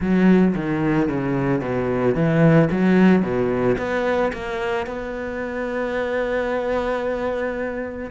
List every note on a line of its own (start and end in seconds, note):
0.00 0.54 F#3
0.55 1.08 D#3
1.08 1.60 C#3
1.60 2.14 B2
2.14 2.69 E3
2.71 3.22 F#3
3.22 3.76 B2
3.77 4.31 B3
4.32 4.86 A#3
4.86 8.10 B3